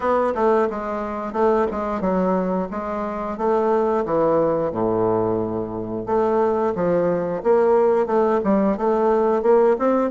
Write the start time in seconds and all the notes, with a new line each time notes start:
0.00 B3
0.34 A3
0.70 G#3
1.32 A3
1.71 G#3
2.00 F#3
2.70 G#3
3.37 A3
4.04 E3
4.71 A2
6.06 A3
6.75 F3
7.43 A#3
8.06 A3
8.44 G3
8.77 A3
9.42 A#3
9.78 C4